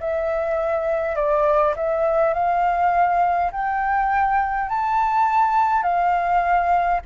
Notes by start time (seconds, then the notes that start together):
0.00 E5
1.16 D5
1.76 E5
2.34 F5
3.51 G5
4.69 A5
5.83 F5